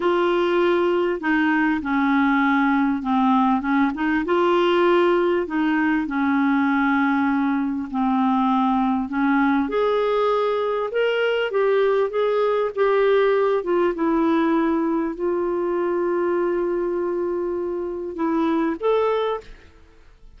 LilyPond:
\new Staff \with { instrumentName = "clarinet" } { \time 4/4 \tempo 4 = 99 f'2 dis'4 cis'4~ | cis'4 c'4 cis'8 dis'8 f'4~ | f'4 dis'4 cis'2~ | cis'4 c'2 cis'4 |
gis'2 ais'4 g'4 | gis'4 g'4. f'8 e'4~ | e'4 f'2.~ | f'2 e'4 a'4 | }